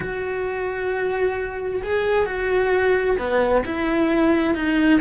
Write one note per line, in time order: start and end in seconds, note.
0.00 1.82 F#4
1.83 2.26 G#4
2.26 3.17 F#4
3.18 3.63 B3
3.65 4.55 E4
4.55 5.00 D#4